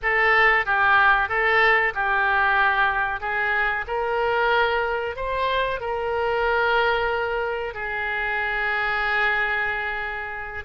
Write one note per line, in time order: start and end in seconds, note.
0.02 0.65 A4
0.65 1.28 G4
1.28 1.93 A4
1.94 3.20 G4
3.20 3.85 G#4
3.87 5.16 A#4
5.16 5.80 C5
5.80 7.74 A#4
7.74 10.64 G#4